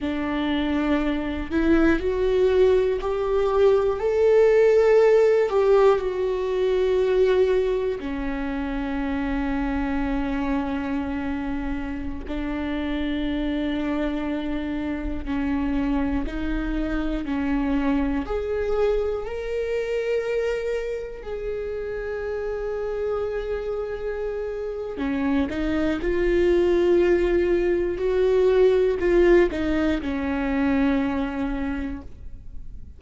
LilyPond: \new Staff \with { instrumentName = "viola" } { \time 4/4 \tempo 4 = 60 d'4. e'8 fis'4 g'4 | a'4. g'8 fis'2 | cis'1~ | cis'16 d'2. cis'8.~ |
cis'16 dis'4 cis'4 gis'4 ais'8.~ | ais'4~ ais'16 gis'2~ gis'8.~ | gis'4 cis'8 dis'8 f'2 | fis'4 f'8 dis'8 cis'2 | }